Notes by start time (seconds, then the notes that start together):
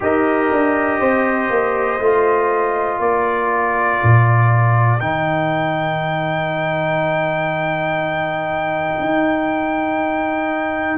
0.00 D#4 G4 A#4 D#5
0.51 D4
1.00 C4 C5
1.50 A#3
1.99 A3 F4
2.99 A#3 A#4 D5
4.03 A#2
5.00 D#3 D#4 G5
8.99 D#4